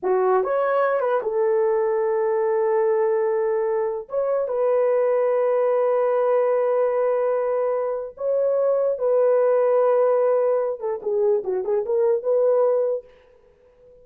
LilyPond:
\new Staff \with { instrumentName = "horn" } { \time 4/4 \tempo 4 = 147 fis'4 cis''4. b'8 a'4~ | a'1~ | a'2 cis''4 b'4~ | b'1~ |
b'1 | cis''2 b'2~ | b'2~ b'8 a'8 gis'4 | fis'8 gis'8 ais'4 b'2 | }